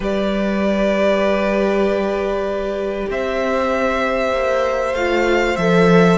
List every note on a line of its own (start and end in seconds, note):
0.00 3.05 G3
0.00 4.95 G4
0.00 3.09 B4
0.00 3.11 D5
3.10 4.32 C4
3.10 6.17 C5
3.10 4.94 E5
4.32 4.93 A#3
4.93 5.55 A3
4.93 5.57 F4
4.93 5.56 F5
5.56 6.17 F3
5.56 6.17 A4
5.56 6.17 E5